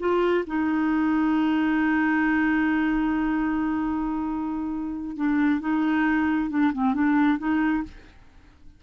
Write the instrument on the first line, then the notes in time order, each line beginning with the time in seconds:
clarinet
0.00 F4
0.47 D#4
5.17 D4
5.61 D#4
6.50 D4
6.74 C4
6.94 D4
7.39 D#4